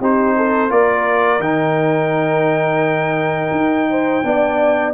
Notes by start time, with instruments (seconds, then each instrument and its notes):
0.00 tuba C4, trombone D#4, horn G4, trumpet C5
0.37 horn A4
0.69 tuba A#3, trombone F4, horn A#4, trumpet D5
1.39 tuba D#3, trombone D#4, trumpet G5
3.51 tuba D#4
3.90 horn C5
4.24 tuba B3, trombone D4, horn D5